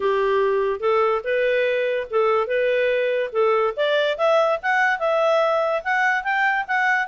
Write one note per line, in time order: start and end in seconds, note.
0.00 0.80 G4
0.80 1.21 A4
1.23 2.07 B4
2.10 2.47 A4
2.47 3.30 B4
3.32 3.73 A4
3.76 4.17 D5
4.17 4.59 E5
4.62 4.99 F#5
4.99 5.82 E5
5.84 6.23 F#5
6.23 6.65 G5
6.67 7.07 F#5